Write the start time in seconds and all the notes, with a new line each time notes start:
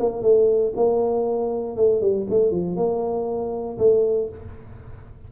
0.00 A#3
0.22 A3
0.76 A#3
1.77 A3
2.02 G3
2.30 A3
2.51 F3
2.76 A#3
3.79 A3